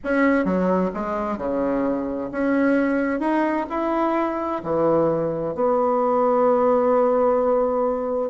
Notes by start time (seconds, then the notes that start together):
0.04 C#4
0.44 F#3
0.94 G#3
1.37 C#3
2.31 C#4
3.20 D#4
3.69 E4
4.63 E3
5.54 B3